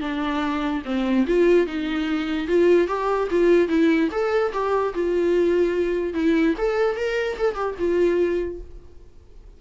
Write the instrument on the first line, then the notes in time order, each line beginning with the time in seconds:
viola
0.00 D4
0.85 C4
1.27 F4
1.66 D#4
2.47 F4
2.87 G4
3.30 F4
3.68 E4
4.11 A4
4.52 G4
4.94 F4
6.14 E4
6.58 A4
6.96 A#4
7.37 A4
7.54 G4
7.78 F4